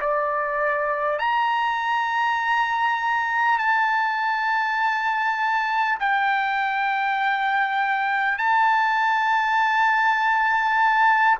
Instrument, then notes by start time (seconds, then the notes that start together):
trumpet
0.00 D5
1.18 A#5
3.58 A5
5.99 G5
8.38 A5